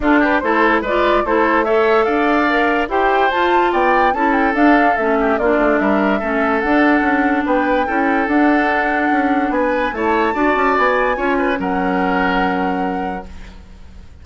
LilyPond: <<
  \new Staff \with { instrumentName = "flute" } { \time 4/4 \tempo 4 = 145 a'8 b'8 c''4 d''4 c''4 | e''4 f''2 g''4 | a''4 g''4 a''8 g''8 f''4 | e''4 d''4 e''2 |
fis''2 g''2 | fis''2. gis''4 | a''2 gis''2 | fis''1 | }
  \new Staff \with { instrumentName = "oboe" } { \time 4/4 f'8 g'8 a'4 b'4 a'4 | cis''4 d''2 c''4~ | c''4 d''4 a'2~ | a'8 g'8 f'4 ais'4 a'4~ |
a'2 b'4 a'4~ | a'2. b'4 | cis''4 d''2 cis''8 b'8 | ais'1 | }
  \new Staff \with { instrumentName = "clarinet" } { \time 4/4 d'4 e'4 f'4 e'4 | a'2 ais'4 g'4 | f'2 e'4 d'4 | cis'4 d'2 cis'4 |
d'2. e'4 | d'1 | e'4 fis'2 f'4 | cis'1 | }
  \new Staff \with { instrumentName = "bassoon" } { \time 4/4 d'4 a4 gis4 a4~ | a4 d'2 e'4 | f'4 b4 cis'4 d'4 | a4 ais8 a8 g4 a4 |
d'4 cis'4 b4 cis'4 | d'2 cis'4 b4 | a4 d'8 cis'8 b4 cis'4 | fis1 | }
>>